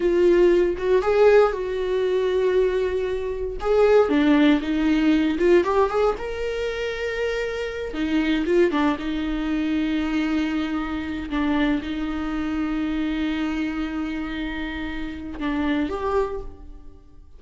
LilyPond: \new Staff \with { instrumentName = "viola" } { \time 4/4 \tempo 4 = 117 f'4. fis'8 gis'4 fis'4~ | fis'2. gis'4 | d'4 dis'4. f'8 g'8 gis'8 | ais'2.~ ais'8 dis'8~ |
dis'8 f'8 d'8 dis'2~ dis'8~ | dis'2 d'4 dis'4~ | dis'1~ | dis'2 d'4 g'4 | }